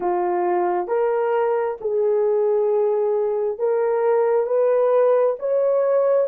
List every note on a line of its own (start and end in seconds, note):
0.00 0.87 F4
0.87 1.77 A#4
1.80 3.58 G#4
3.58 4.46 A#4
4.46 5.36 B4
5.39 6.27 C#5